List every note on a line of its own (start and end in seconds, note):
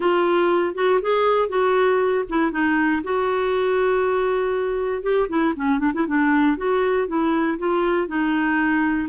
0.00 0.74 F4
0.74 0.99 F#4
1.01 1.49 G#4
1.49 2.24 F#4
2.29 2.51 E4
2.51 3.02 D#4
3.03 5.02 F#4
5.02 5.28 G4
5.28 5.53 E4
5.56 5.79 C#4
5.79 5.92 D4
5.94 6.06 E4
6.07 6.57 D4
6.57 7.07 F#4
7.07 7.58 E4
7.58 8.07 F4
8.07 9.08 D#4